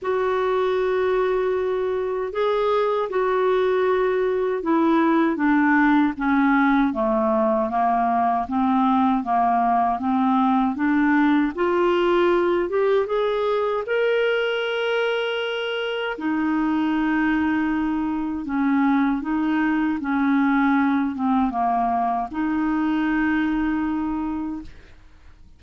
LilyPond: \new Staff \with { instrumentName = "clarinet" } { \time 4/4 \tempo 4 = 78 fis'2. gis'4 | fis'2 e'4 d'4 | cis'4 a4 ais4 c'4 | ais4 c'4 d'4 f'4~ |
f'8 g'8 gis'4 ais'2~ | ais'4 dis'2. | cis'4 dis'4 cis'4. c'8 | ais4 dis'2. | }